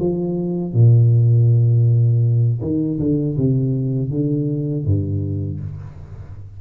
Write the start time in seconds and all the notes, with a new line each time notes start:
0.00 F3
0.74 A#2
2.61 D#3
3.00 D3
3.38 C3
4.11 D3
4.86 G2